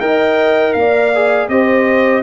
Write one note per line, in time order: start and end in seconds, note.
0.00 0.75 D#4
0.00 1.11 A#4
0.00 0.75 D#5
0.00 0.73 G5
0.73 1.48 A#3
0.73 1.50 D5
0.73 1.47 F5
1.15 1.50 G#4
1.48 2.22 C4
1.48 2.22 G4
1.48 2.22 C5
1.48 2.22 D#5